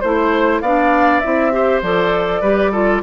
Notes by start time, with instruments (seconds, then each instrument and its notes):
0.00 bassoon A3, clarinet E4, flute C5, oboe C5
0.60 bassoon B3, clarinet D4, oboe D5, flute F5
1.20 bassoon C4, clarinet E4, flute E5
1.51 clarinet G4, oboe C5
1.82 bassoon F3, clarinet A4, flute D5
2.41 bassoon G3, clarinet G4, oboe B4
2.71 clarinet F4, oboe A4